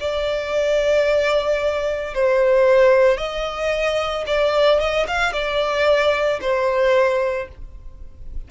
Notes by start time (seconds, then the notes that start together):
0.00 D5
2.14 C5
3.17 D#5
4.26 D5
4.79 D#5
5.07 F5
5.32 D5
6.40 C5